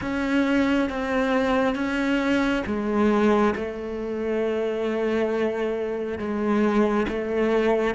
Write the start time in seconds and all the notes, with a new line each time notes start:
0.01 C#4
0.89 C4
1.75 C#4
2.66 G#3
3.55 A3
6.18 G#3
7.08 A3